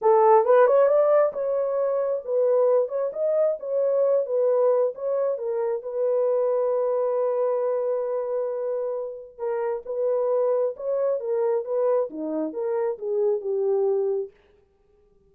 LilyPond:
\new Staff \with { instrumentName = "horn" } { \time 4/4 \tempo 4 = 134 a'4 b'8 cis''8 d''4 cis''4~ | cis''4 b'4. cis''8 dis''4 | cis''4. b'4. cis''4 | ais'4 b'2.~ |
b'1~ | b'4 ais'4 b'2 | cis''4 ais'4 b'4 dis'4 | ais'4 gis'4 g'2 | }